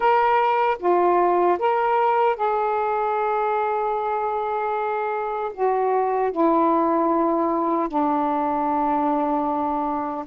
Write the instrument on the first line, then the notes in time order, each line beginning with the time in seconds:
saxophone
0.00 A#4
0.79 F4
1.59 A#4
2.36 G#4
5.53 F#4
6.31 E4
7.88 D4